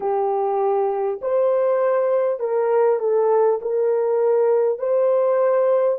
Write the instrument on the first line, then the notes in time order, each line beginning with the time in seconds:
horn
0.00 G4
1.21 C5
2.39 A#4
2.99 A4
3.61 A#4
4.78 C5